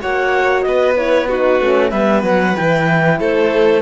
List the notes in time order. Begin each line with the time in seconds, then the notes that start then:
0.00 A#3 F#4 C#5 F#5
0.61 B3 D#5
0.67 B4
0.96 E4 C#5
1.28 D#4 F#4 B4
1.60 A3 C#4
1.89 G3 B3 B4 E5
2.22 F#3 F#5
2.56 E3 E4 G5
3.19 A3 A4 C5